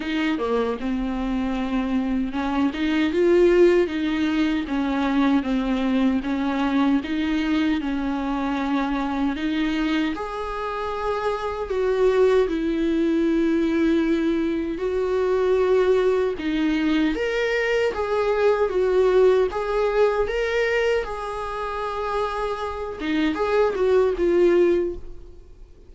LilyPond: \new Staff \with { instrumentName = "viola" } { \time 4/4 \tempo 4 = 77 dis'8 ais8 c'2 cis'8 dis'8 | f'4 dis'4 cis'4 c'4 | cis'4 dis'4 cis'2 | dis'4 gis'2 fis'4 |
e'2. fis'4~ | fis'4 dis'4 ais'4 gis'4 | fis'4 gis'4 ais'4 gis'4~ | gis'4. dis'8 gis'8 fis'8 f'4 | }